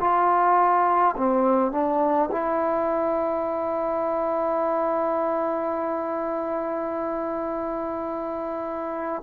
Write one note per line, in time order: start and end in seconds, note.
0.00 1.15 F4
1.17 1.72 C4
1.72 2.29 D4
2.31 9.23 E4